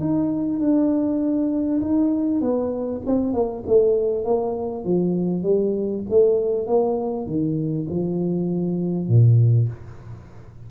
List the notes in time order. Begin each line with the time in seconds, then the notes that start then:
0.00 D#4
0.59 D4
1.81 D#4
2.40 B3
3.06 C4
3.33 A#3
3.67 A3
4.24 A#3
4.85 F3
5.43 G3
6.09 A3
6.67 A#3
7.26 D#3
7.90 F3
9.08 A#2